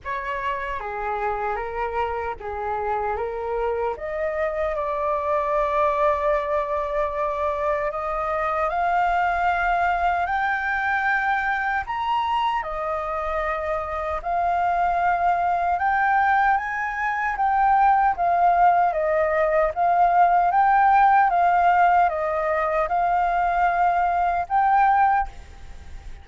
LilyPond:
\new Staff \with { instrumentName = "flute" } { \time 4/4 \tempo 4 = 76 cis''4 gis'4 ais'4 gis'4 | ais'4 dis''4 d''2~ | d''2 dis''4 f''4~ | f''4 g''2 ais''4 |
dis''2 f''2 | g''4 gis''4 g''4 f''4 | dis''4 f''4 g''4 f''4 | dis''4 f''2 g''4 | }